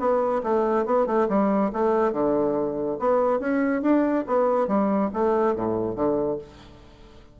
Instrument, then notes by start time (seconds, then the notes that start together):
bassoon
0.00 B3
0.44 A3
0.86 B3
1.07 A3
1.29 G3
1.73 A3
2.13 D3
3.00 B3
3.40 C#4
3.82 D4
4.27 B3
4.68 G3
5.14 A3
5.56 A2
5.96 D3